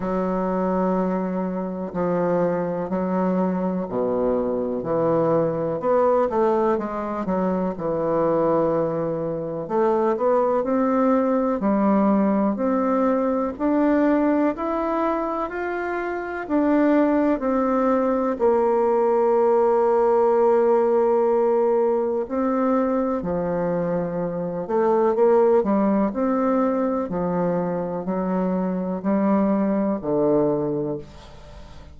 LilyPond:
\new Staff \with { instrumentName = "bassoon" } { \time 4/4 \tempo 4 = 62 fis2 f4 fis4 | b,4 e4 b8 a8 gis8 fis8 | e2 a8 b8 c'4 | g4 c'4 d'4 e'4 |
f'4 d'4 c'4 ais4~ | ais2. c'4 | f4. a8 ais8 g8 c'4 | f4 fis4 g4 d4 | }